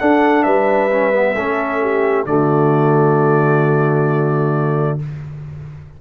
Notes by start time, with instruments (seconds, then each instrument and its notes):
0.00 trombone D4, tuba D4, horn A4, trumpet F#5
0.43 tuba G3, horn B4, trumpet E5
0.92 trombone C#4
1.13 trombone B3
1.35 tuba A3, trombone C#4, horn A4
1.82 horn G4
2.26 tuba D3, trombone A3, horn F#4, trumpet D5